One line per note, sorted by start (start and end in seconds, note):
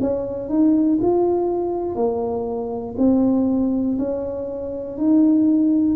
0.00 0.49 C#4
0.49 0.99 D#4
1.01 1.95 F4
1.95 2.95 A#3
2.98 3.98 C4
3.98 4.97 C#4
4.97 5.96 D#4